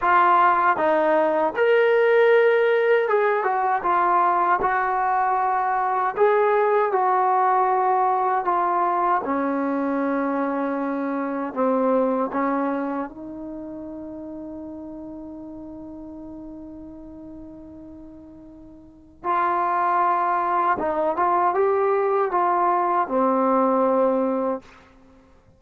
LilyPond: \new Staff \with { instrumentName = "trombone" } { \time 4/4 \tempo 4 = 78 f'4 dis'4 ais'2 | gis'8 fis'8 f'4 fis'2 | gis'4 fis'2 f'4 | cis'2. c'4 |
cis'4 dis'2.~ | dis'1~ | dis'4 f'2 dis'8 f'8 | g'4 f'4 c'2 | }